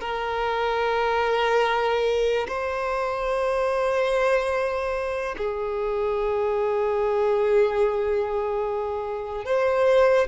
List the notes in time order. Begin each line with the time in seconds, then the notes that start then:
0.00 A#4
2.47 C5
5.37 G#4
9.45 C5